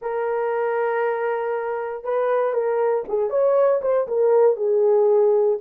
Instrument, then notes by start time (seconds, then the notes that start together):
horn
0.01 A#4
2.04 B4
2.53 A#4
3.08 G#4
3.30 C#5
3.81 C5
4.07 A#4
4.56 G#4